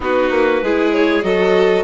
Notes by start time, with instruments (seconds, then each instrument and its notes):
0.00 bassoon B3, viola D#4, violin F#4, clarinet B4
0.30 bassoon A#3
0.62 bassoon G#3, viola E4, violin G#4
0.93 clarinet C#5
1.22 bassoon F#3, viola F#4, violin A4, clarinet D#5